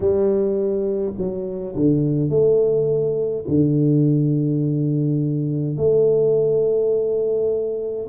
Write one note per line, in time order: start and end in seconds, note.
0.00 1.13 G3
1.17 1.75 F#3
1.75 2.29 D3
2.29 3.45 A3
3.48 5.76 D3
5.76 8.07 A3